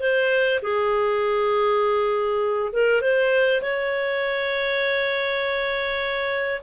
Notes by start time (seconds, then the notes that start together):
0.00 C5
0.62 G#4
2.72 A#4
3.01 C5
3.62 C#5